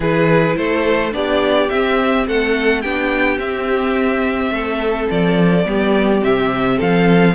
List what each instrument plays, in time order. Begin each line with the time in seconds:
0.00 cello E3, viola E4, violin G#4 B4
0.56 cello A3, violin A4 C5
1.11 cello B3, viola D4, violin G4 D5
1.69 cello C4, viola C4, violin E5
2.27 cello A3, violin A4 F#5
2.81 cello B3, viola D4, violin G4 G5
3.38 cello C4, viola C4, violin E5
4.50 cello A3, violin A4
5.10 cello F3, violin D5
5.65 cello G3, viola B3, violin G4
6.21 cello C3, viola C4, violin E5
6.77 cello F3, violin A4 F5